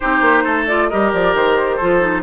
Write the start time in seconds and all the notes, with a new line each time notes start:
0.00 C4 D#4 G4 C5
0.21 A#3
0.43 A3 A4
0.66 F4 D5
0.89 G3 G4 A#4 D#5
1.13 F3 D5
1.34 D#3 C5
1.76 F3 F4 A4
2.00 D#4